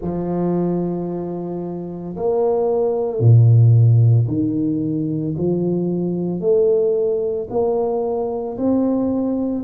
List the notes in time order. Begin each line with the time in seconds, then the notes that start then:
0.01 F3
2.16 A#3
3.19 A#2
4.27 D#3
5.37 F3
6.40 A3
7.50 A#3
8.57 C4